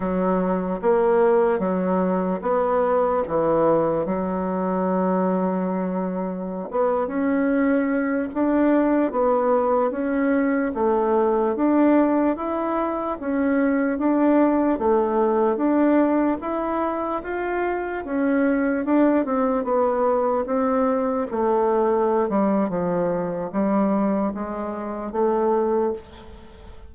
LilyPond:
\new Staff \with { instrumentName = "bassoon" } { \time 4/4 \tempo 4 = 74 fis4 ais4 fis4 b4 | e4 fis2.~ | fis16 b8 cis'4. d'4 b8.~ | b16 cis'4 a4 d'4 e'8.~ |
e'16 cis'4 d'4 a4 d'8.~ | d'16 e'4 f'4 cis'4 d'8 c'16~ | c'16 b4 c'4 a4~ a16 g8 | f4 g4 gis4 a4 | }